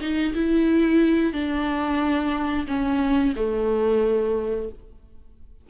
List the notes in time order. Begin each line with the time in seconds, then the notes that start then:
0.00 D#4
0.34 E4
1.33 D4
2.67 C#4
3.35 A3